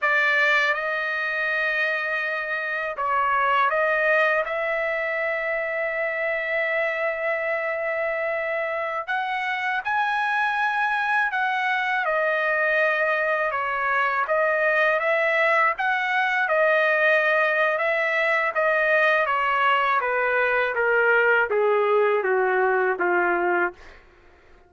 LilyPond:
\new Staff \with { instrumentName = "trumpet" } { \time 4/4 \tempo 4 = 81 d''4 dis''2. | cis''4 dis''4 e''2~ | e''1~ | e''16 fis''4 gis''2 fis''8.~ |
fis''16 dis''2 cis''4 dis''8.~ | dis''16 e''4 fis''4 dis''4.~ dis''16 | e''4 dis''4 cis''4 b'4 | ais'4 gis'4 fis'4 f'4 | }